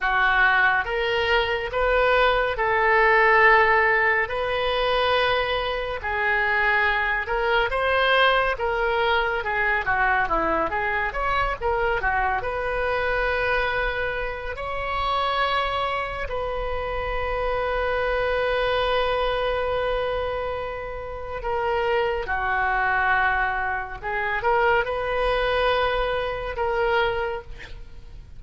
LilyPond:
\new Staff \with { instrumentName = "oboe" } { \time 4/4 \tempo 4 = 70 fis'4 ais'4 b'4 a'4~ | a'4 b'2 gis'4~ | gis'8 ais'8 c''4 ais'4 gis'8 fis'8 | e'8 gis'8 cis''8 ais'8 fis'8 b'4.~ |
b'4 cis''2 b'4~ | b'1~ | b'4 ais'4 fis'2 | gis'8 ais'8 b'2 ais'4 | }